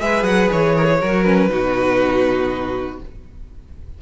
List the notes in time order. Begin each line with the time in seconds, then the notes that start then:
0.00 G#3 G#4 B4 E5
0.23 F#3 F#5
0.52 E3 C#5
0.77 A#4
0.85 G#4
1.01 F#3 F#4 A#4
1.23 C#4 B4
1.49 B2 D#4 F#4